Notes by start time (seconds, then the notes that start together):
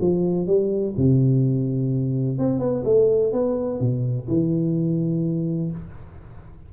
0.00 F3
0.47 G3
0.96 C3
2.38 C4
2.59 B3
2.84 A3
3.32 B3
3.80 B2
4.28 E3